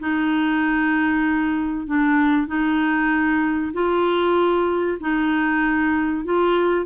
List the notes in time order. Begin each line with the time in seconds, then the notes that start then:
0.00 D#4
1.87 D4
2.47 D#4
3.73 F4
5.01 D#4
6.25 F4